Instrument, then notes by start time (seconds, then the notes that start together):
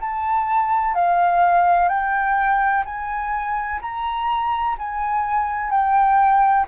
flute
0.00 A5
0.95 F5
1.89 G5
2.85 G#5
3.81 A#5
4.78 G#5
5.71 G5